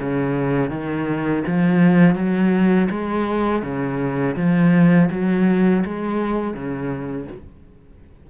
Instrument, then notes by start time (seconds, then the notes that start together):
cello
0.00 C#3
0.71 D#3
1.48 F3
2.16 F#3
2.91 G#3
3.63 C#3
4.36 F3
5.12 F#3
5.86 G#3
6.55 C#3